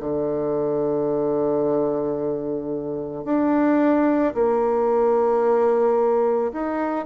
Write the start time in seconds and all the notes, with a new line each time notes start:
0.00 D3
3.25 D4
4.34 A#3
6.53 D#4